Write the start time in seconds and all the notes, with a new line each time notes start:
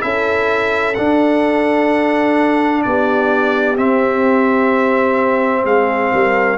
0.00 C#4 E4 A4 E5
0.94 D4 F#5
2.82 B3 G4 D5
3.76 C4 E5
5.64 G#3 G#4 F5
6.12 G3 A#4